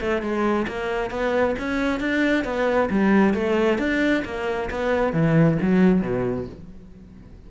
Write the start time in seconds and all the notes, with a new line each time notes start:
0.00 A3
0.22 G#3
0.67 A#3
1.10 B3
1.59 C#4
2.00 D4
2.44 B3
2.90 G3
3.34 A3
3.78 D4
4.25 A#3
4.70 B3
5.13 E3
5.61 F#3
6.01 B2